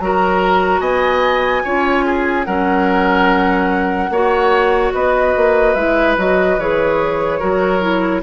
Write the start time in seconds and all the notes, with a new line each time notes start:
0.00 F#3 F#4 A#4 A#5
0.80 B3 D#5 G#5
1.64 C#4 F4 C#5
2.06 G#4
2.45 F#3 C#4 A#4 F#5
4.10 A#3 F#4 C#5
4.94 B3 B4 D#5
5.37 A#3
5.74 G#3 E4 E5
6.17 F#3 F#4 D#5
6.58 E3 G#4 C#5
7.39 F#3 F#4 A#4
7.81 E4